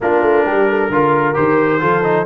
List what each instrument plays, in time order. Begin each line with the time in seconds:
0.00 tuba A#3, trombone D4, horn F4, trumpet A#4
0.21 tuba A3
0.44 tuba G3, horn G4
0.69 horn A4
0.89 tuba D3, trombone F4, horn A#4
1.34 tuba D#3, trombone G4, trumpet C5
1.80 tuba F3, trombone F4, horn A4
2.03 trombone D#4